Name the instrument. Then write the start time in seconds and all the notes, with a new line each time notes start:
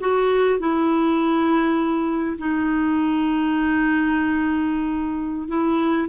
clarinet
0.00 F#4
0.59 E4
2.38 D#4
5.48 E4